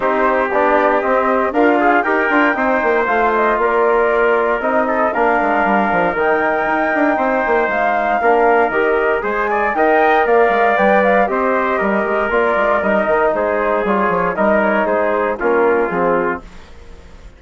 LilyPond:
<<
  \new Staff \with { instrumentName = "flute" } { \time 4/4 \tempo 4 = 117 c''4 d''4 dis''4 f''4 | g''2 f''8 dis''8 d''4~ | d''4 dis''4 f''2 | g''2. f''4~ |
f''4 dis''4 gis''4 g''4 | f''4 g''8 f''8 dis''2 | d''4 dis''4 c''4 cis''4 | dis''8 cis''8 c''4 ais'4 gis'4 | }
  \new Staff \with { instrumentName = "trumpet" } { \time 4/4 g'2. f'4 | ais'4 c''2 ais'4~ | ais'4. a'8 ais'2~ | ais'2 c''2 |
ais'2 c''8 d''8 dis''4 | d''2 c''4 ais'4~ | ais'2 gis'2 | ais'4 gis'4 f'2 | }
  \new Staff \with { instrumentName = "trombone" } { \time 4/4 dis'4 d'4 c'4 ais'8 gis'8 | g'8 f'8 dis'4 f'2~ | f'4 dis'4 d'2 | dis'1 |
d'4 g'4 gis'4 ais'4~ | ais'4 b'4 g'2 | f'4 dis'2 f'4 | dis'2 cis'4 c'4 | }
  \new Staff \with { instrumentName = "bassoon" } { \time 4/4 c'4 b4 c'4 d'4 | dis'8 d'8 c'8 ais8 a4 ais4~ | ais4 c'4 ais8 gis8 g8 f8 | dis4 dis'8 d'8 c'8 ais8 gis4 |
ais4 dis4 gis4 dis'4 | ais8 gis8 g4 c'4 g8 gis8 | ais8 gis8 g8 dis8 gis4 g8 f8 | g4 gis4 ais4 f4 | }
>>